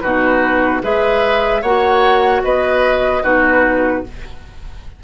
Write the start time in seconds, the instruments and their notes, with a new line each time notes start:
0.00 bassoon B2, clarinet D#4, oboe F#4, flute B4
0.82 bassoon G#3, clarinet G#4, oboe B4, flute E5
1.62 bassoon A#3, clarinet F#4, oboe C#5, flute F#5
2.43 bassoon B3, oboe B4, flute D#5
3.23 bassoon B2, clarinet D#4, oboe F#4, flute B4